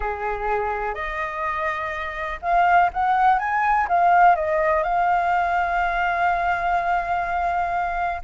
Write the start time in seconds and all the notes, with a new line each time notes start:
0.00 G#4
0.94 D#5
2.42 F5
2.93 F#5
3.38 G#5
3.88 F5
4.35 D#5
4.83 F5